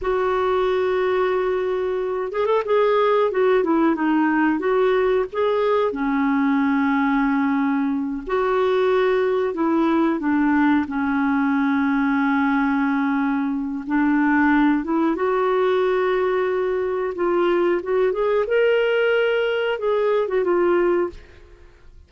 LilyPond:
\new Staff \with { instrumentName = "clarinet" } { \time 4/4 \tempo 4 = 91 fis'2.~ fis'8 gis'16 a'16 | gis'4 fis'8 e'8 dis'4 fis'4 | gis'4 cis'2.~ | cis'8 fis'2 e'4 d'8~ |
d'8 cis'2.~ cis'8~ | cis'4 d'4. e'8 fis'4~ | fis'2 f'4 fis'8 gis'8 | ais'2 gis'8. fis'16 f'4 | }